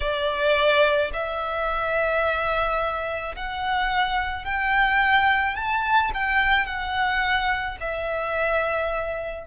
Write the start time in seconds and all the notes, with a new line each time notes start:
0.00 D5
1.13 E5
3.36 F#5
4.44 G5
5.56 A5
6.14 G5
6.66 F#5
7.80 E5